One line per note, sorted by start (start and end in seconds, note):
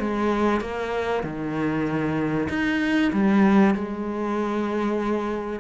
0.00 0.61 G#3
0.61 1.24 A#3
1.24 2.49 D#3
2.49 3.12 D#4
3.13 3.75 G3
3.75 5.60 G#3